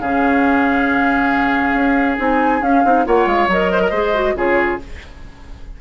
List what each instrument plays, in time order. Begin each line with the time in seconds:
0.00 bassoon C#3, clarinet C#4, oboe G#4, flute F5
1.74 bassoon C#4
2.18 bassoon C4, clarinet D#4, flute G#5
2.61 clarinet C#4, bassoon C#4, flute F5
2.84 bassoon C4, clarinet D#4
3.05 bassoon A#3, clarinet F4, oboe C#5, flute F#5
3.26 bassoon G#3, flute F5
3.48 bassoon F#3, clarinet A#4, flute D#5
3.72 oboe C5
3.81 oboe A#4
3.90 bassoon G#3, clarinet G#4, oboe C5
4.14 clarinet F#4
4.35 bassoon C#3, clarinet F4, oboe G#4, flute C#5